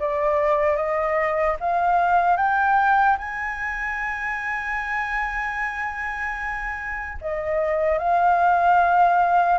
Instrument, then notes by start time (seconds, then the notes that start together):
flute
0.00 D5
0.77 D#5
1.61 F5
2.37 G5
3.19 G#5
7.22 D#5
7.99 F5